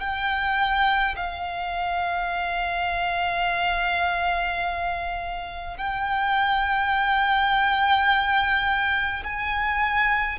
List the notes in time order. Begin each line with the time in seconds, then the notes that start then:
0.00 G5
1.16 F5
5.77 G5
9.23 G#5